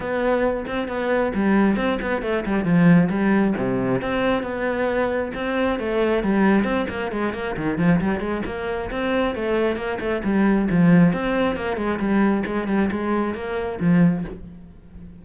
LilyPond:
\new Staff \with { instrumentName = "cello" } { \time 4/4 \tempo 4 = 135 b4. c'8 b4 g4 | c'8 b8 a8 g8 f4 g4 | c4 c'4 b2 | c'4 a4 g4 c'8 ais8 |
gis8 ais8 dis8 f8 g8 gis8 ais4 | c'4 a4 ais8 a8 g4 | f4 c'4 ais8 gis8 g4 | gis8 g8 gis4 ais4 f4 | }